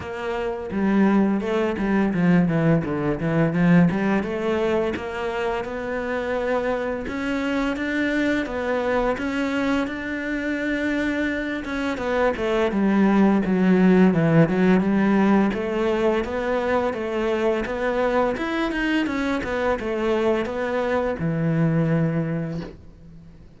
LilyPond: \new Staff \with { instrumentName = "cello" } { \time 4/4 \tempo 4 = 85 ais4 g4 a8 g8 f8 e8 | d8 e8 f8 g8 a4 ais4 | b2 cis'4 d'4 | b4 cis'4 d'2~ |
d'8 cis'8 b8 a8 g4 fis4 | e8 fis8 g4 a4 b4 | a4 b4 e'8 dis'8 cis'8 b8 | a4 b4 e2 | }